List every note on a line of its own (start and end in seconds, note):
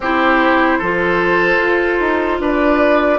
0.00 0.79 C4
0.00 0.82 E4
0.00 0.78 G4
0.00 2.41 C5
0.78 1.57 F3
0.78 3.18 F4
0.78 2.38 A4
1.57 1.97 F4
1.99 2.39 D#4
2.39 3.18 D4
2.39 3.18 B4
2.39 3.18 D5